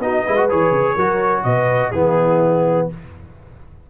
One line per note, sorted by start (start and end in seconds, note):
0.00 0.24 B3
0.00 0.27 D#4
0.00 0.24 F#4
0.00 0.50 D#5
0.24 0.52 G#3
0.24 0.37 E4
0.24 0.95 B4
0.37 0.49 F#4
0.50 0.71 E3
0.50 0.98 G#4
0.50 1.44 C#5
0.71 0.96 C#3
0.95 1.45 F#3
0.95 1.95 F#4
0.95 1.43 A#4
1.44 1.93 B2
1.44 1.92 B4
1.44 1.92 D#5
1.92 2.89 E3
1.92 2.91 B3
1.92 2.88 E4
1.92 2.88 G#4